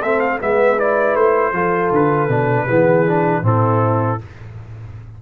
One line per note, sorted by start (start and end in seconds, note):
0.00 0.40 A3
0.00 0.40 C4
0.00 0.38 A4
0.00 0.20 E5
0.20 0.39 F5
0.40 1.15 G#3
0.40 0.78 B3
0.40 1.54 B4
0.40 0.80 E5
0.78 1.53 E4
0.78 1.16 D5
1.15 1.52 A3
1.15 1.92 C5
1.52 1.90 F3
1.52 2.29 F4
1.52 2.66 A4
1.92 2.28 D3
1.92 3.46 B4
2.28 2.66 B2
2.28 2.68 D4
2.66 3.42 E3
2.66 3.06 B3
2.66 3.41 G#4
3.07 3.43 D4
3.42 4.18 A2
3.42 4.19 C4
3.42 4.22 E4
3.42 4.22 A4